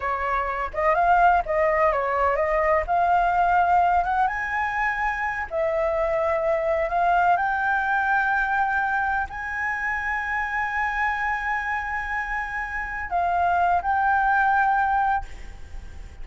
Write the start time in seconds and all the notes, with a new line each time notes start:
0.00 C#5
0.73 D#5
0.95 F5
1.45 D#5
1.92 C#5
2.35 D#5
2.86 F5
4.04 F#5
4.27 G#5
5.50 E5
6.89 F5
7.36 G5
9.29 G#5
13.10 F5
13.82 G5